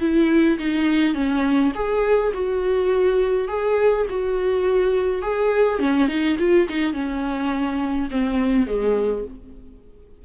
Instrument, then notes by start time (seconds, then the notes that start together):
viola
0.00 E4
0.58 D#4
1.14 C#4
1.74 G#4
2.34 F#4
3.48 G#4
4.09 F#4
5.22 G#4
5.79 C#4
6.08 D#4
6.39 F4
6.69 D#4
6.93 C#4
8.11 C4
8.66 G#3